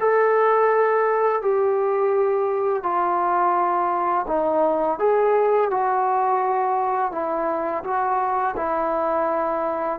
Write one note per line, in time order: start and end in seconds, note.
0.00 1.42 A4
1.42 2.83 G4
2.83 4.26 F4
4.27 4.99 D#4
4.99 5.70 G#4
5.70 7.12 F#4
7.12 7.83 E4
7.83 8.55 F#4
8.56 9.99 E4